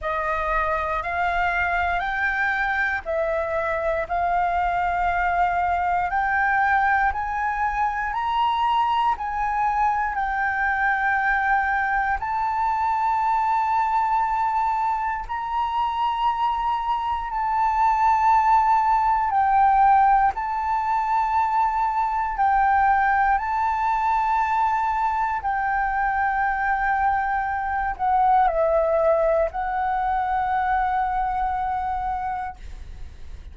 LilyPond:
\new Staff \with { instrumentName = "flute" } { \time 4/4 \tempo 4 = 59 dis''4 f''4 g''4 e''4 | f''2 g''4 gis''4 | ais''4 gis''4 g''2 | a''2. ais''4~ |
ais''4 a''2 g''4 | a''2 g''4 a''4~ | a''4 g''2~ g''8 fis''8 | e''4 fis''2. | }